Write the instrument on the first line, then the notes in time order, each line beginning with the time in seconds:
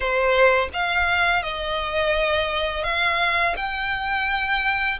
violin
0.00 C5
0.73 F5
1.43 D#5
2.83 F5
3.56 G5